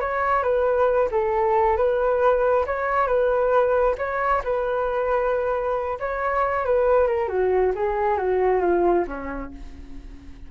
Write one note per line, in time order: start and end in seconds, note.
0.00 0.42 C#5
0.42 1.08 B4
1.11 1.76 A4
1.76 2.65 B4
2.66 3.07 C#5
3.07 3.95 B4
3.98 4.42 C#5
4.43 5.98 B4
5.99 6.65 C#5
6.65 7.07 B4
7.07 7.28 A#4
7.28 7.72 F#4
7.75 8.17 G#4
8.17 8.61 F#4
8.61 9.05 F4
9.07 9.51 C#4